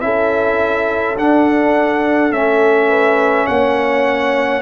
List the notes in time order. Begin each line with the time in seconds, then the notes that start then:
0.00 C#4 E4 A4 E5
1.16 D4 F#5
2.31 A3 C#4 E5
2.88 B4
3.46 A#3 C#5 F#5